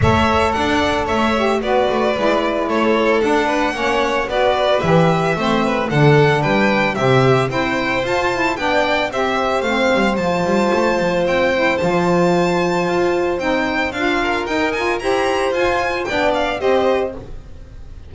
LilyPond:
<<
  \new Staff \with { instrumentName = "violin" } { \time 4/4 \tempo 4 = 112 e''4 fis''4 e''4 d''4~ | d''4 cis''4 fis''2 | d''4 e''2 fis''4 | g''4 e''4 g''4 a''4 |
g''4 e''4 f''4 a''4~ | a''4 g''4 a''2~ | a''4 g''4 f''4 g''8 gis''8 | ais''4 gis''4 g''8 f''8 dis''4 | }
  \new Staff \with { instrumentName = "violin" } { \time 4/4 cis''4 d''4 cis''4 b'4~ | b'4 a'4. b'8 cis''4 | b'2 c''8 b'8 a'4 | b'4 g'4 c''2 |
d''4 c''2.~ | c''1~ | c''2~ c''8 ais'4. | c''2 d''4 c''4 | }
  \new Staff \with { instrumentName = "saxophone" } { \time 4/4 a'2~ a'8 g'8 fis'4 | e'2 d'4 cis'4 | fis'4 g'4 c'4 d'4~ | d'4 c'4 e'4 f'8 e'8 |
d'4 g'4 c'4 f'4~ | f'4. e'8 f'2~ | f'4 dis'4 f'4 dis'8 f'8 | g'4 f'4 d'4 g'4 | }
  \new Staff \with { instrumentName = "double bass" } { \time 4/4 a4 d'4 a4 b8 a8 | gis4 a4 d'4 ais4 | b4 e4 a4 d4 | g4 c4 c'4 f'4 |
b4 c'4 a8 g8 f8 g8 | a8 f8 c'4 f2 | f'4 c'4 d'4 dis'4 | e'4 f'4 b4 c'4 | }
>>